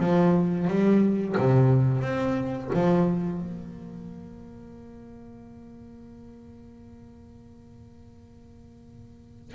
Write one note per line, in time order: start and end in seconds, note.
0.00 0.68 F3
0.68 1.36 G3
1.38 2.02 C3
2.02 2.70 C4
2.75 3.41 F3
3.41 9.55 A#3